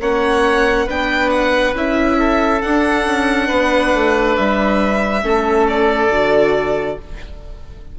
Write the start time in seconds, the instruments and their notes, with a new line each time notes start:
0.00 bassoon A#3, viola C#4, oboe C#5, violin F#5
0.86 bassoon B3, viola D4, oboe B4, violin G5
1.30 violin F#5
1.74 bassoon C#4, viola E4, violin E5
2.19 oboe A4
2.62 viola D4, bassoon D4, violin F#5
3.05 bassoon C#4
3.48 bassoon B3, oboe B4
3.94 bassoon A3
4.36 bassoon G3, violin E5
5.22 bassoon A3, viola C#4, oboe A4
5.68 violin D5
6.09 bassoon D3, viola F#4